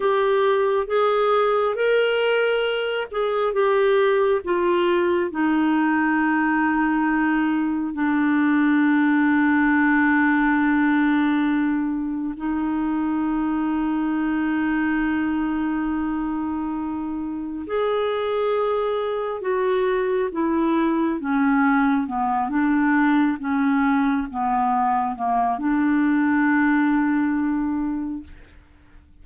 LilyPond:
\new Staff \with { instrumentName = "clarinet" } { \time 4/4 \tempo 4 = 68 g'4 gis'4 ais'4. gis'8 | g'4 f'4 dis'2~ | dis'4 d'2.~ | d'2 dis'2~ |
dis'1 | gis'2 fis'4 e'4 | cis'4 b8 d'4 cis'4 b8~ | b8 ais8 d'2. | }